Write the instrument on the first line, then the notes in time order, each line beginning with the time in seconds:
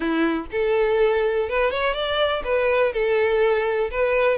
violin
0.00 E4
0.51 A4
1.49 B4
1.70 C#5
1.94 D5
2.44 B4
2.93 A4
3.90 B4